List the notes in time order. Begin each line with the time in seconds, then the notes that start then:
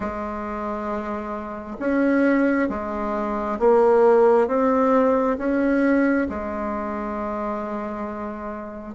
0.00 G#3
1.79 C#4
2.69 G#3
3.59 A#3
4.47 C4
5.37 C#4
6.29 G#3